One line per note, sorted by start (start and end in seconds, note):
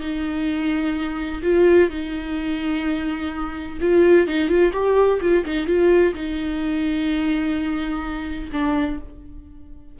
0.00 1.42 D#4
1.42 1.90 F4
1.90 3.79 D#4
3.81 4.28 F4
4.28 4.49 D#4
4.49 4.72 F4
4.73 5.20 G4
5.21 5.45 F4
5.45 5.66 D#4
5.66 6.14 F4
6.14 8.50 D#4
8.52 8.99 D4